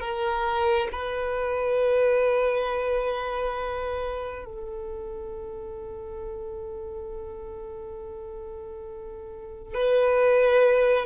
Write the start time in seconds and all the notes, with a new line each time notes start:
0.00 A#4
0.92 B4
4.45 A4
9.74 B4